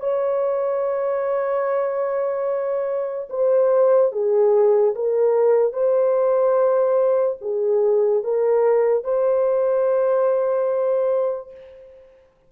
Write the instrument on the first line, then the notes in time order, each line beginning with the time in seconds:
horn
0.00 C#5
3.30 C5
4.12 G#4
4.95 A#4
5.73 C5
7.42 G#4
8.24 A#4
9.04 C5